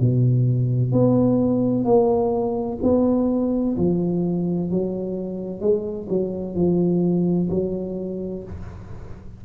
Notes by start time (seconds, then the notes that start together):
0.00 B2
0.92 B3
1.85 A#3
2.83 B3
3.78 F3
4.71 F#3
5.61 G#3
6.09 F#3
6.55 F3
7.50 F#3